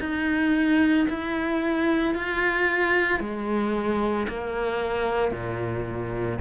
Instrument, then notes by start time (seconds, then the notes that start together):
cello
0.00 D#4
1.09 E4
2.15 F4
3.20 G#3
4.29 A#3
5.32 A#2